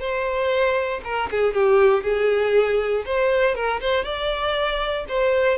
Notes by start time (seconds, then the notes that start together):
0.00 C5
1.05 A#4
1.31 G#4
1.54 G4
2.04 G#4
3.06 C5
3.55 A#4
3.81 C5
4.05 D5
5.09 C5